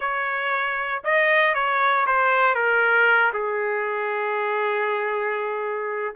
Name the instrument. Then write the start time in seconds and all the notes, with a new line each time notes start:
trumpet
0.00 C#5
1.04 D#5
1.54 C#5
2.06 C5
2.54 A#4
3.33 G#4